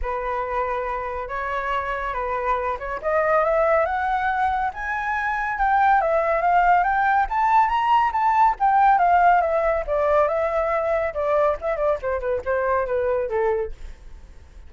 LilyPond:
\new Staff \with { instrumentName = "flute" } { \time 4/4 \tempo 4 = 140 b'2. cis''4~ | cis''4 b'4. cis''8 dis''4 | e''4 fis''2 gis''4~ | gis''4 g''4 e''4 f''4 |
g''4 a''4 ais''4 a''4 | g''4 f''4 e''4 d''4 | e''2 d''4 e''8 d''8 | c''8 b'8 c''4 b'4 a'4 | }